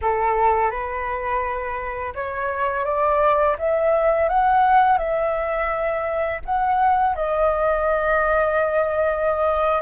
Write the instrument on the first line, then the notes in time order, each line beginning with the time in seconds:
flute
0.01 A4
0.70 B4
2.14 C#5
2.84 D5
3.58 E5
4.29 F#5
4.98 E5
6.45 F#5
7.15 D#5